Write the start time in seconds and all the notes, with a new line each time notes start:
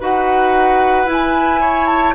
0.00 D#4 F#4 B4 F#5
1.06 E4
1.12 G#5
1.61 C#5
1.87 A5